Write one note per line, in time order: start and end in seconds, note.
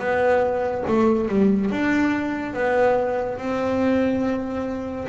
0.00 0.85 B3
0.88 1.29 A3
1.29 1.71 G3
1.71 2.54 D4
2.54 3.38 B3
3.38 5.07 C4